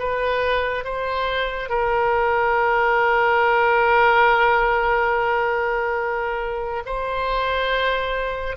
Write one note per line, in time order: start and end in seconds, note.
0.00 0.85 B4
0.85 1.69 C5
1.69 6.84 A#4
6.86 8.57 C5